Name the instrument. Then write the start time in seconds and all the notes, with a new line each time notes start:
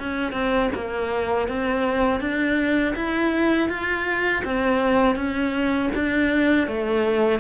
cello
0.00 C#4
0.33 C4
0.75 A#3
1.48 C4
2.21 D4
2.96 E4
3.70 F4
4.45 C4
5.16 C#4
5.95 D4
6.68 A3